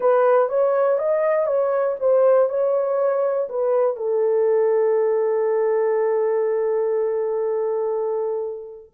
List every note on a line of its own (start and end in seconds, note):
0.00 0.48 B4
0.48 0.98 C#5
0.98 1.46 D#5
1.46 1.96 C#5
1.99 2.49 C5
2.49 3.48 C#5
3.49 3.96 B4
3.96 8.92 A4